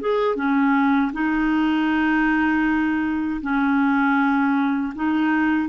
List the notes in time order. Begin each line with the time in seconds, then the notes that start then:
0.00 G#4
0.36 C#4
1.13 D#4
3.41 C#4
4.95 D#4